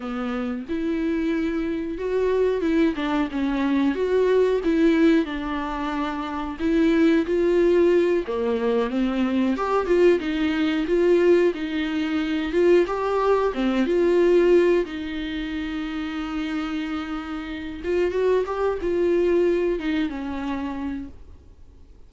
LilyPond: \new Staff \with { instrumentName = "viola" } { \time 4/4 \tempo 4 = 91 b4 e'2 fis'4 | e'8 d'8 cis'4 fis'4 e'4 | d'2 e'4 f'4~ | f'8 ais4 c'4 g'8 f'8 dis'8~ |
dis'8 f'4 dis'4. f'8 g'8~ | g'8 c'8 f'4. dis'4.~ | dis'2. f'8 fis'8 | g'8 f'4. dis'8 cis'4. | }